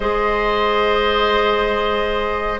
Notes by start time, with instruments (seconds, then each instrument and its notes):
0.00 bassoon G#3, clarinet G#4, oboe C5, flute D#5